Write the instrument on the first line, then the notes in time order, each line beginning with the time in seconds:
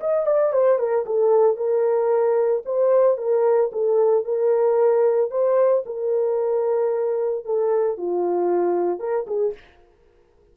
horn
0.00 D#5
0.26 D5
0.52 C5
0.78 A#4
1.05 A4
1.56 A#4
2.65 C5
3.17 A#4
3.72 A4
4.24 A#4
5.30 C5
5.86 A#4
7.45 A4
7.97 F4
8.99 A#4
9.27 G#4